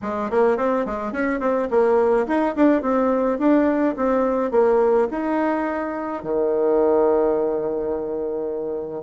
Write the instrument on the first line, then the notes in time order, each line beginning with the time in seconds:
bassoon
0.02 G#3
0.30 A#3
0.57 C4
0.85 G#3
1.12 C#4
1.40 C4
1.70 A#3
2.27 D#4
2.55 D4
2.81 C4
3.38 D4
3.96 C4
4.51 A#3
5.10 D#4
6.23 D#3